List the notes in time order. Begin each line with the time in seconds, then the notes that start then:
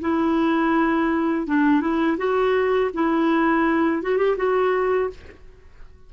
0.00 E4
1.47 D4
1.81 E4
2.17 F#4
2.93 E4
4.02 F#4
4.17 G4
4.37 F#4